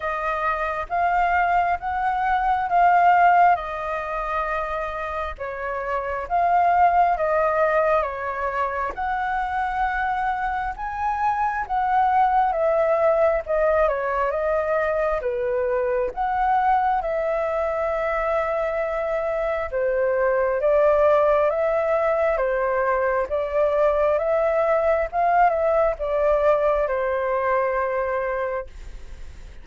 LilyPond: \new Staff \with { instrumentName = "flute" } { \time 4/4 \tempo 4 = 67 dis''4 f''4 fis''4 f''4 | dis''2 cis''4 f''4 | dis''4 cis''4 fis''2 | gis''4 fis''4 e''4 dis''8 cis''8 |
dis''4 b'4 fis''4 e''4~ | e''2 c''4 d''4 | e''4 c''4 d''4 e''4 | f''8 e''8 d''4 c''2 | }